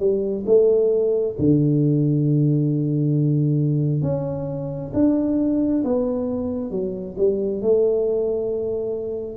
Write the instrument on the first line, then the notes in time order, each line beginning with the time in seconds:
tuba
0.00 G3
0.46 A3
1.39 D3
4.03 C#4
4.94 D4
5.85 B3
6.71 F#3
7.18 G3
7.62 A3